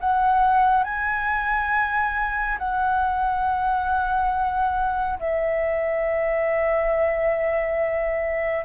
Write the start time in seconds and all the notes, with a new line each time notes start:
0.00 F#5
0.84 G#5
2.58 F#5
5.19 E5